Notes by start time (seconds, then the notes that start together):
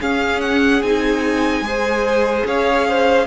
0.00 C#4 G#4 F5
0.41 F#5
0.82 C4 D#4 G#5
1.61 G#3 G#4 C5
2.45 C#4 C#5 F5
2.89 C5